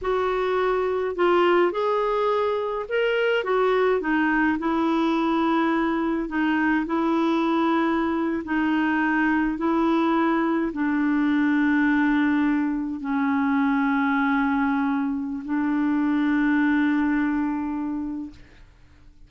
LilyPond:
\new Staff \with { instrumentName = "clarinet" } { \time 4/4 \tempo 4 = 105 fis'2 f'4 gis'4~ | gis'4 ais'4 fis'4 dis'4 | e'2. dis'4 | e'2~ e'8. dis'4~ dis'16~ |
dis'8. e'2 d'4~ d'16~ | d'2~ d'8. cis'4~ cis'16~ | cis'2. d'4~ | d'1 | }